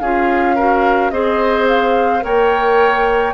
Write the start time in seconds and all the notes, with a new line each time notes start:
0.00 C#4 F4 G#4 F5
0.56 F#4 A#4
1.11 C4 G#4 C5 D#5
1.68 F5
2.21 A#3 A#4 C#5 G5